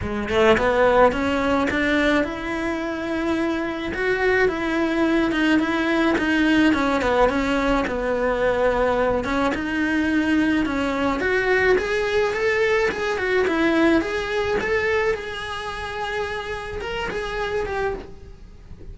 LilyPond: \new Staff \with { instrumentName = "cello" } { \time 4/4 \tempo 4 = 107 gis8 a8 b4 cis'4 d'4 | e'2. fis'4 | e'4. dis'8 e'4 dis'4 | cis'8 b8 cis'4 b2~ |
b8 cis'8 dis'2 cis'4 | fis'4 gis'4 a'4 gis'8 fis'8 | e'4 gis'4 a'4 gis'4~ | gis'2 ais'8 gis'4 g'8 | }